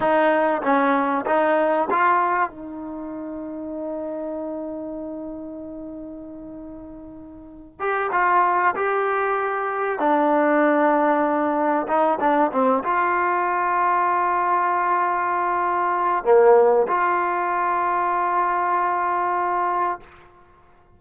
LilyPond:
\new Staff \with { instrumentName = "trombone" } { \time 4/4 \tempo 4 = 96 dis'4 cis'4 dis'4 f'4 | dis'1~ | dis'1~ | dis'8 g'8 f'4 g'2 |
d'2. dis'8 d'8 | c'8 f'2.~ f'8~ | f'2 ais4 f'4~ | f'1 | }